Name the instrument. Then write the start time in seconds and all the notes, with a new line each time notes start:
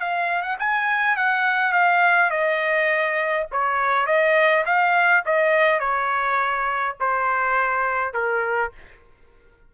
trumpet
0.00 F5
0.43 F#5
0.60 G#5
1.17 F#5
1.73 F5
2.31 D#5
3.52 C#5
4.07 D#5
4.66 F5
5.26 D#5
5.80 C#5
7.01 C5
8.14 A#4